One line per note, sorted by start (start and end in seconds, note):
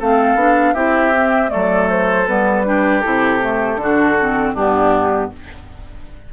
0.00 0.35 A3
0.00 0.38 C4
0.00 0.75 A4
0.00 0.74 F5
0.35 0.73 B3
0.35 0.75 D4
0.74 1.51 C4
0.74 1.13 E4
0.74 1.50 G4
0.74 1.50 E5
1.14 1.48 C4
1.48 2.24 A3
1.48 2.67 A4
1.48 1.88 D5
1.55 2.29 F#3
1.90 2.28 C5
2.28 3.05 G3
2.28 2.65 B3
2.28 3.01 B4
2.65 3.03 D4
2.65 3.81 G4
3.01 3.76 C3
3.01 3.41 E4
3.01 4.53 A4
3.41 3.79 A3
3.76 4.52 D3
3.76 4.18 D4
3.83 4.54 F#4
4.19 4.57 C4
4.54 5.31 G2
4.54 5.33 B3
4.54 5.30 D4
4.54 5.31 G4